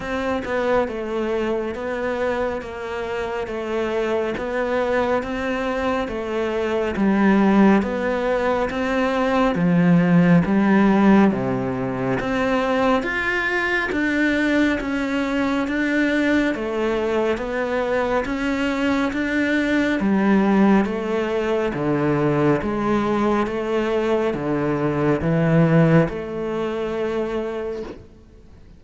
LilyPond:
\new Staff \with { instrumentName = "cello" } { \time 4/4 \tempo 4 = 69 c'8 b8 a4 b4 ais4 | a4 b4 c'4 a4 | g4 b4 c'4 f4 | g4 c4 c'4 f'4 |
d'4 cis'4 d'4 a4 | b4 cis'4 d'4 g4 | a4 d4 gis4 a4 | d4 e4 a2 | }